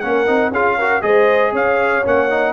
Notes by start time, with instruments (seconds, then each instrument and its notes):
0.00 tuba A#3, trombone C#4, horn A#4, trumpet F#5
0.27 tuba C4, trombone D#4
0.51 tuba C#4, trombone F4, horn G#4, trumpet F5
0.79 trombone F#4, horn A#4
1.01 tuba G#3, trombone G#4, horn C5, trumpet D#5
1.52 tuba C#4, horn C#5, trumpet F5
2.05 tuba A#3, trombone C#4, trumpet F#5
2.30 trombone D#4